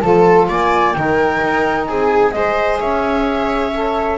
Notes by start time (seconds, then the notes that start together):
0.00 F3 F4 A4 A5
0.48 A#3 D5 G#5
0.92 D#3 D#4 A#4 G5
1.43 D#4
1.86 C4 G#4 G#5
2.31 G#3 G#4 C5 D#5
2.79 C#4 C#5 E5
3.73 A4